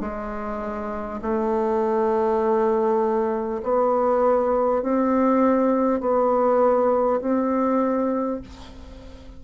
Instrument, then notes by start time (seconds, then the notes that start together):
bassoon
0.00 G#3
1.21 A3
3.63 B3
4.82 C4
6.00 B3
7.21 C4